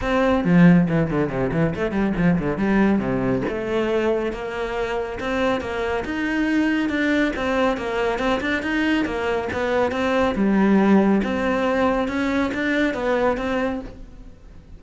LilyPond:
\new Staff \with { instrumentName = "cello" } { \time 4/4 \tempo 4 = 139 c'4 f4 e8 d8 c8 e8 | a8 g8 f8 d8 g4 c4 | a2 ais2 | c'4 ais4 dis'2 |
d'4 c'4 ais4 c'8 d'8 | dis'4 ais4 b4 c'4 | g2 c'2 | cis'4 d'4 b4 c'4 | }